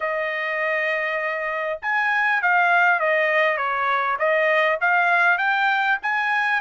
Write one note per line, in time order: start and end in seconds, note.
0.00 1.79 D#5
1.82 2.42 G#5
2.42 2.99 F5
2.99 3.57 D#5
3.57 4.17 C#5
4.18 4.78 D#5
4.81 5.38 F5
5.38 5.98 G5
6.02 6.61 G#5